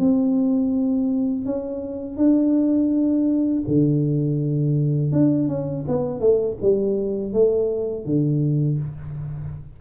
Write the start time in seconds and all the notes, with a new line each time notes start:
0.00 C4
1.46 C#4
2.18 D4
3.68 D3
5.13 D4
5.49 C#4
5.88 B3
6.21 A3
6.63 G3
7.33 A3
8.06 D3